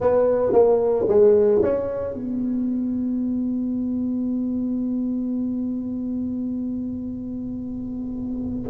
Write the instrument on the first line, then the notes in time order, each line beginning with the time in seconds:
tuba
0.00 B3
0.52 A#3
1.08 G#3
1.62 C#4
2.14 B3